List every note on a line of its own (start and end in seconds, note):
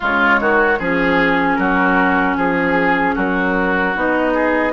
0.00 0.40 C#3
0.00 0.79 G#3
0.00 0.40 F4
0.00 0.79 C#5
0.40 0.79 D#3
0.40 0.78 F#4
0.78 1.58 F3
0.78 3.95 C#4
0.78 1.57 G#4
0.78 1.55 G#4
1.55 2.36 F#3
1.55 2.37 F#4
1.55 2.34 A#4
2.36 3.15 F3
2.36 3.15 G#4
2.36 3.16 G#4
3.15 3.95 F#3
3.15 4.33 F#4
3.15 3.95 A#4
3.95 4.72 B3
3.95 4.72 D#4
3.95 4.72 D#5
4.34 4.72 G#4